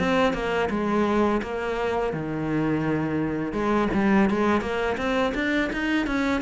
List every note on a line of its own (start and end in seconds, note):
0.00 0.34 C4
0.34 0.69 A#3
0.70 1.42 G#3
1.43 2.14 A#3
2.14 3.53 D#3
3.53 3.89 G#3
3.94 4.30 G3
4.31 4.61 G#3
4.61 4.97 A#3
4.98 5.33 C4
5.35 5.71 D4
5.73 6.07 D#4
6.07 6.42 C#4